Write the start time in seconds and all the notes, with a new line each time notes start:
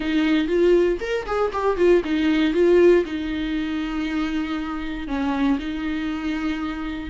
0.00 D#4
0.47 F4
1.00 A#4
1.26 G#4
1.52 G4
1.77 F4
2.04 D#4
2.53 F4
3.05 D#4
5.07 C#4
5.59 D#4